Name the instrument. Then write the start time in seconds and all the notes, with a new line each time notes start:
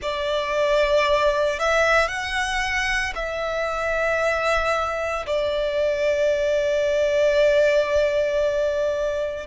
violin
0.01 D5
1.59 E5
2.08 F#5
3.15 E5
5.26 D5